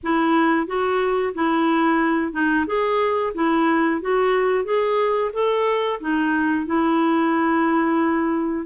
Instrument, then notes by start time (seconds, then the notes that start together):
clarinet
0.03 E4
0.67 F#4
1.34 E4
2.32 D#4
2.66 G#4
3.34 E4
4.01 F#4
4.64 G#4
5.33 A4
6.00 D#4
6.66 E4